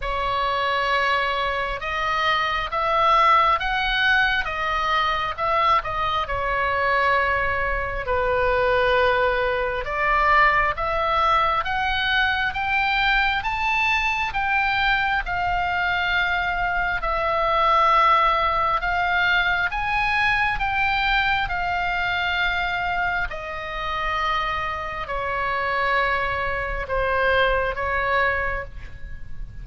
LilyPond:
\new Staff \with { instrumentName = "oboe" } { \time 4/4 \tempo 4 = 67 cis''2 dis''4 e''4 | fis''4 dis''4 e''8 dis''8 cis''4~ | cis''4 b'2 d''4 | e''4 fis''4 g''4 a''4 |
g''4 f''2 e''4~ | e''4 f''4 gis''4 g''4 | f''2 dis''2 | cis''2 c''4 cis''4 | }